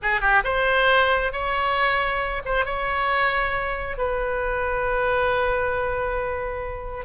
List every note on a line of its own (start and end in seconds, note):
0.02 0.20 G#4
0.20 0.42 G4
0.44 1.32 C5
1.32 2.42 C#5
2.45 2.65 C5
2.65 3.97 C#5
3.97 7.05 B4